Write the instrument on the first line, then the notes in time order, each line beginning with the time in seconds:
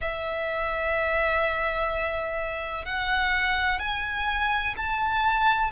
violin
0.01 E5
2.85 F#5
3.79 G#5
4.76 A5